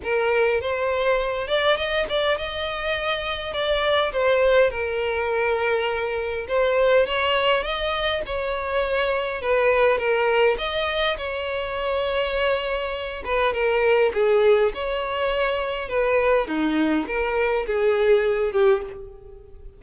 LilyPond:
\new Staff \with { instrumentName = "violin" } { \time 4/4 \tempo 4 = 102 ais'4 c''4. d''8 dis''8 d''8 | dis''2 d''4 c''4 | ais'2. c''4 | cis''4 dis''4 cis''2 |
b'4 ais'4 dis''4 cis''4~ | cis''2~ cis''8 b'8 ais'4 | gis'4 cis''2 b'4 | dis'4 ais'4 gis'4. g'8 | }